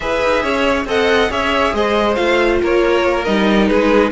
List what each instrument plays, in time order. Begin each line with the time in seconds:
0.00 cello E4, viola G#4, violin B4 E5
0.23 cello D#4
0.42 cello C#4, violin C#5
0.85 cello C4, viola A4, violin D#5 F#5
1.29 cello C#4, viola G#4, violin C#5 E5
1.73 cello G#3, violin C5 D#5
2.15 cello A3, viola F4, violin F5
2.61 cello A#3, violin A#4 C#5
3.24 cello G3, viola D#4, violin D#5
3.67 cello G#3, violin G#4 B4